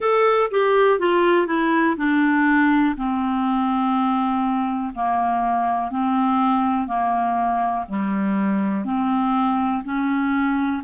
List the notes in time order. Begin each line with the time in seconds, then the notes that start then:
0.00 A4
0.50 G4
0.99 F4
1.46 E4
1.96 D4
2.96 C4
4.94 A#3
5.91 C4
6.87 A#3
7.88 G3
8.84 C4
9.84 C#4